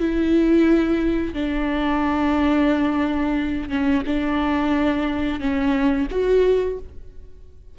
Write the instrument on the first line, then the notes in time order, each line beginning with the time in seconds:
viola
0.00 E4
1.34 D4
3.69 C#4
4.07 D4
5.40 C#4
6.11 F#4